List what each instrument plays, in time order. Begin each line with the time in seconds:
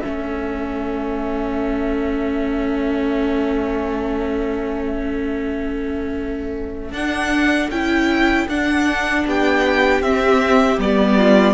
0.00 cello A3, viola C#4, violin A4 E5
6.91 cello D4, viola D4, violin F#5
7.69 cello C#4, viola E4, violin G5
8.47 cello D4, viola D4, violin F#5
9.26 cello B3, violin G4 G5
10.00 cello C4, viola C4, violin E5
10.78 cello G3, viola B3, violin D5
11.17 violin F4